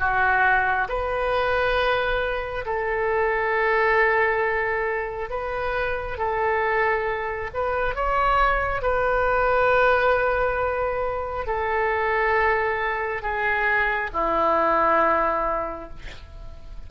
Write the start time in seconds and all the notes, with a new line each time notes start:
0.00 F#4
0.89 B4
2.66 A4
5.31 B4
6.18 A4
7.54 B4
7.95 C#5
8.82 B4
11.47 A4
13.22 G#4
14.13 E4